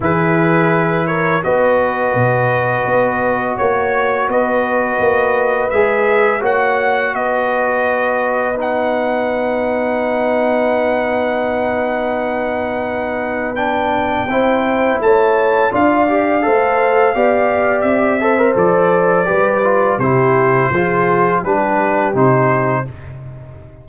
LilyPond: <<
  \new Staff \with { instrumentName = "trumpet" } { \time 4/4 \tempo 4 = 84 b'4. cis''8 dis''2~ | dis''4 cis''4 dis''2 | e''4 fis''4 dis''2 | fis''1~ |
fis''2. g''4~ | g''4 a''4 f''2~ | f''4 e''4 d''2 | c''2 b'4 c''4 | }
  \new Staff \with { instrumentName = "horn" } { \time 4/4 gis'4. ais'8 b'2~ | b'4 cis''4 b'2~ | b'4 cis''4 b'2~ | b'1~ |
b'1 | c''4 cis''4 d''4 c''4 | d''4. c''4. b'4 | g'4 gis'4 g'2 | }
  \new Staff \with { instrumentName = "trombone" } { \time 4/4 e'2 fis'2~ | fis'1 | gis'4 fis'2. | dis'1~ |
dis'2. d'4 | e'2 f'8 g'8 a'4 | g'4. a'16 ais'16 a'4 g'8 f'8 | e'4 f'4 d'4 dis'4 | }
  \new Staff \with { instrumentName = "tuba" } { \time 4/4 e2 b4 b,4 | b4 ais4 b4 ais4 | gis4 ais4 b2~ | b1~ |
b1 | c'4 a4 d'4 a4 | b4 c'4 f4 g4 | c4 f4 g4 c4 | }
>>